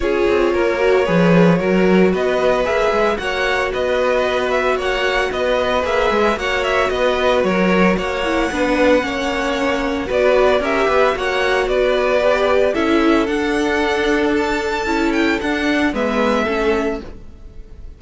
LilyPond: <<
  \new Staff \with { instrumentName = "violin" } { \time 4/4 \tempo 4 = 113 cis''1 | dis''4 e''4 fis''4 dis''4~ | dis''8 e''8 fis''4 dis''4 e''4 | fis''8 e''8 dis''4 cis''4 fis''4~ |
fis''2. d''4 | e''4 fis''4 d''2 | e''4 fis''2 a''4~ | a''8 g''8 fis''4 e''2 | }
  \new Staff \with { instrumentName = "violin" } { \time 4/4 gis'4 ais'4 b'4 ais'4 | b'2 cis''4 b'4~ | b'4 cis''4 b'2 | cis''4 b'4 ais'4 cis''4 |
b'4 cis''2 b'4 | ais'8 b'8 cis''4 b'2 | a'1~ | a'2 b'4 a'4 | }
  \new Staff \with { instrumentName = "viola" } { \time 4/4 f'4. fis'8 gis'4 fis'4~ | fis'4 gis'4 fis'2~ | fis'2. gis'4 | fis'2.~ fis'8 e'8 |
d'4 cis'2 fis'4 | g'4 fis'2 g'4 | e'4 d'2. | e'4 d'4 b4 cis'4 | }
  \new Staff \with { instrumentName = "cello" } { \time 4/4 cis'8 c'8 ais4 f4 fis4 | b4 ais8 gis8 ais4 b4~ | b4 ais4 b4 ais8 gis8 | ais4 b4 fis4 ais4 |
b4 ais2 b4 | cis'8 b8 ais4 b2 | cis'4 d'2. | cis'4 d'4 gis4 a4 | }
>>